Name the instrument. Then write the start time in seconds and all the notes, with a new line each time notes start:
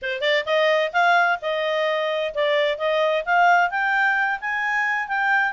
clarinet
0.01 C5
0.21 D5
0.45 D#5
0.93 F5
1.41 D#5
2.34 D5
2.78 D#5
3.25 F5
3.70 G5
4.40 G#5
5.08 G5